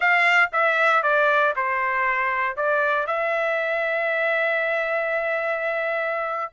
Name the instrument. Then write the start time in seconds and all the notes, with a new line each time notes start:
trumpet
0.00 F5
0.52 E5
1.03 D5
1.56 C5
2.56 D5
3.06 E5